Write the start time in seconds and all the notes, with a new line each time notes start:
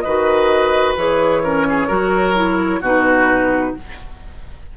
0.00 D#3 B4 D#5
0.06 F#4
0.96 E3 G#4 C#5
1.43 C#4 A#4
1.69 G#4
1.87 F#3 F#4 A#4
2.35 E4
2.81 B2 D#4 F#4 B4